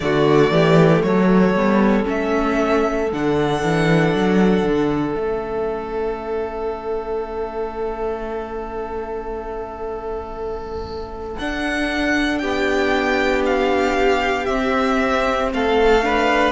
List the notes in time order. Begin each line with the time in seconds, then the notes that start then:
0.00 D3 A3 F#4 D5
0.50 E3 G4
1.02 F#3 A4 C#5
1.54 G3 B3
2.05 A3 C#4 E5
3.11 D3 D4 F#5
3.62 E3
4.14 F#3
4.64 D3
5.15 A3 C#4 E5
11.38 D4 F#5
12.38 B3 G4 G5
13.45 F5
14.45 C4 E5
15.52 A3 A4 F5
16.02 D4 B4